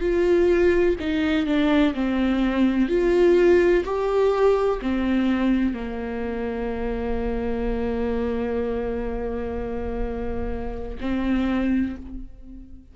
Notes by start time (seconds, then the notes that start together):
0.00 F4
1.00 D#4
1.46 D4
1.94 C4
2.88 F4
3.84 G4
4.82 C4
5.74 A#3
11.00 C4